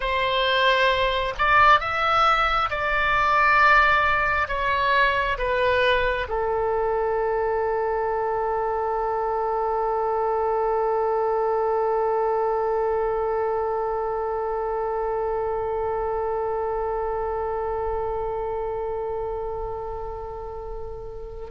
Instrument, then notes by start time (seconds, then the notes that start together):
oboe
0.00 C5
1.38 D5
1.80 E5
2.70 D5
4.48 C#5
5.38 B4
6.28 A4